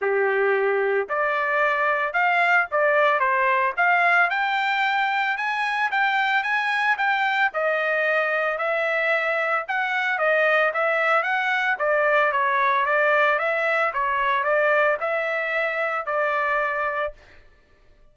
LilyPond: \new Staff \with { instrumentName = "trumpet" } { \time 4/4 \tempo 4 = 112 g'2 d''2 | f''4 d''4 c''4 f''4 | g''2 gis''4 g''4 | gis''4 g''4 dis''2 |
e''2 fis''4 dis''4 | e''4 fis''4 d''4 cis''4 | d''4 e''4 cis''4 d''4 | e''2 d''2 | }